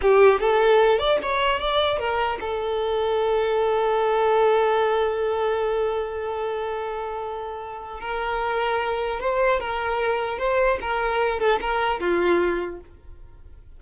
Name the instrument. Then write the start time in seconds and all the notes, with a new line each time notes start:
violin
0.01 G4
0.40 A4
0.98 D5
1.22 C#5
1.59 D5
1.99 A#4
2.40 A4
8.00 A#4
9.20 C5
9.59 A#4
10.38 C5
10.81 A#4
11.39 A4
11.61 A#4
12.00 F4